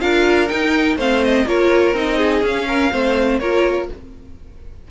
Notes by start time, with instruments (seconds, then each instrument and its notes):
0.00 cello D4, viola F4, violin A#4 F5
0.49 viola D#4, cello D#4, violin G5
0.97 cello A3, viola C4, violin C5 F5
1.25 violin D#5
1.46 cello A#3, viola F4, violin A#4 C#5
1.94 cello C4, viola D#4, violin D#5
2.17 violin G#4
2.42 cello C#4, viola C#4, violin F5
2.68 violin A#4
2.92 cello A3, viola C4, violin C5
3.39 cello A#3, viola F4, violin A#4 C#5